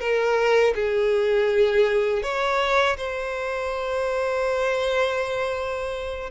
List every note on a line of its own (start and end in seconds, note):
0.00 0.74 A#4
0.75 2.23 G#4
2.23 2.97 C#5
2.97 6.30 C5